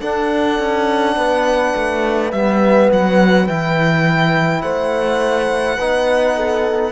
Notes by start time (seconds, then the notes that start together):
0.00 D4 A4 F#5
0.59 C#4
1.16 B3 B4
1.75 A3
2.32 G3 B3 E5
2.92 F#3 F#5
3.47 E3 E4 G5
4.62 A3 C5 F#5
5.77 B3 D#4 B4
6.36 A4